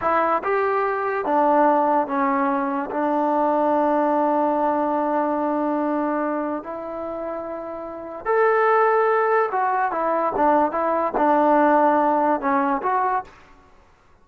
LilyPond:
\new Staff \with { instrumentName = "trombone" } { \time 4/4 \tempo 4 = 145 e'4 g'2 d'4~ | d'4 cis'2 d'4~ | d'1~ | d'1 |
e'1 | a'2. fis'4 | e'4 d'4 e'4 d'4~ | d'2 cis'4 fis'4 | }